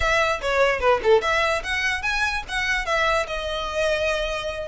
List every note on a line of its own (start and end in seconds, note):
0.00 0.40 E5
0.41 0.80 C#5
0.80 1.00 B4
1.03 1.21 A4
1.21 1.62 E5
1.63 2.02 F#5
2.02 2.43 G#5
2.48 2.85 F#5
2.85 3.26 E5
3.27 4.68 D#5